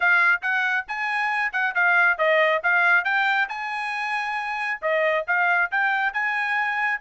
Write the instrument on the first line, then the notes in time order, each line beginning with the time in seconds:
trumpet
0.00 F5
0.42 F#5
0.88 G#5
1.52 F#5
1.74 F5
2.18 D#5
2.63 F5
3.04 G5
3.49 G#5
4.81 D#5
5.27 F5
5.71 G5
6.13 G#5